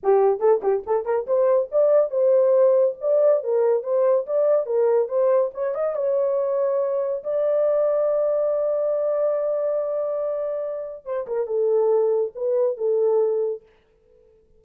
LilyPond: \new Staff \with { instrumentName = "horn" } { \time 4/4 \tempo 4 = 141 g'4 a'8 g'8 a'8 ais'8 c''4 | d''4 c''2 d''4 | ais'4 c''4 d''4 ais'4 | c''4 cis''8 dis''8 cis''2~ |
cis''4 d''2.~ | d''1~ | d''2 c''8 ais'8 a'4~ | a'4 b'4 a'2 | }